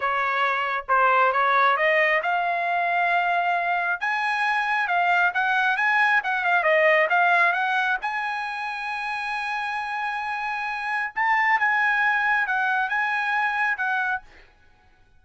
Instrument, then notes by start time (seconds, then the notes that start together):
trumpet
0.00 C#5
0.88 C5
1.32 C#5
1.77 D#5
2.22 F5
4.00 G#5
4.87 F5
5.34 F#5
5.77 G#5
6.23 F#5
6.44 F5
6.63 D#5
7.09 F5
7.52 F#5
8.01 G#5
11.15 A5
11.59 G#5
12.46 F#5
12.89 G#5
13.77 F#5